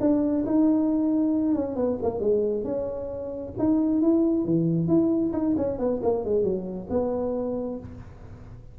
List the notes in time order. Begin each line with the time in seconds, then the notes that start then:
0.00 D4
0.46 D#4
1.55 C#4
1.76 B3
2.02 A#3
2.20 G#3
2.64 C#4
3.58 D#4
4.01 E4
4.45 E3
4.87 E4
5.33 D#4
5.57 C#4
5.78 B3
6.02 A#3
6.24 G#3
6.43 F#3
6.90 B3